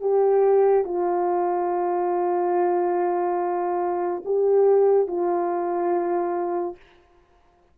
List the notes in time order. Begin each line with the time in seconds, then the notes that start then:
0.00 G4
0.85 F4
4.25 G4
5.07 F4